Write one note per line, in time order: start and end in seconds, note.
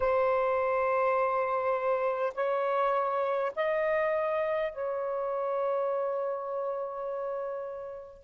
0.00 2.33 C5
2.34 3.51 C#5
3.55 4.72 D#5
4.72 8.23 C#5